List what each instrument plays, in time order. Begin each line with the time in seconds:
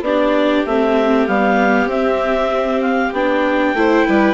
0.00 bassoon B3, viola D4, violin G4, clarinet D5
0.65 bassoon A3, viola C4, clarinet E5
1.27 bassoon G3, viola B3, clarinet F5
1.85 bassoon C4, viola C4, clarinet E5
2.81 clarinet F5
3.12 bassoon B3, viola D4, clarinet G5
3.73 bassoon A3, viola E4, violin C5
4.07 bassoon G3, violin B4